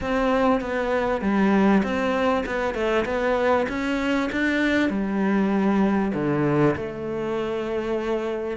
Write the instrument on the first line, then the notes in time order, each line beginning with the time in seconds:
cello
0.01 C4
0.61 B3
1.21 G3
1.83 C4
2.45 B3
2.74 A3
3.05 B3
3.68 C#4
4.32 D4
4.89 G3
6.14 D3
6.76 A3